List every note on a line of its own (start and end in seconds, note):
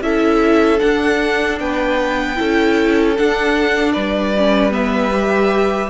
0.00 0.79 C#4
0.00 0.78 E4
0.00 1.60 A4
0.00 0.79 E5
0.78 2.35 D4
0.78 1.60 D4
0.78 1.58 F#5
1.59 2.39 B3
1.59 2.38 B4
1.59 3.16 G5
2.35 3.18 C#4
2.35 3.14 E4
2.35 3.92 A4
3.16 4.35 D4
3.16 3.96 D4
3.16 3.92 F#5
3.92 5.90 G3
3.92 5.89 B4
3.92 4.71 D5
4.37 4.70 C#4
4.70 5.10 B3
4.70 5.90 E5
5.12 5.90 G4